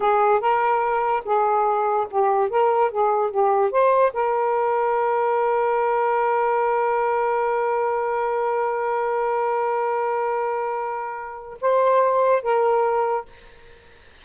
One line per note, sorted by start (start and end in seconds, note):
0.00 0.40 G#4
0.40 1.23 A#4
1.24 2.07 G#4
2.10 2.49 G4
2.49 2.91 A#4
2.91 3.30 G#4
3.30 3.71 G4
3.71 4.12 C5
4.13 11.58 A#4
11.61 12.42 C5
12.42 13.25 A#4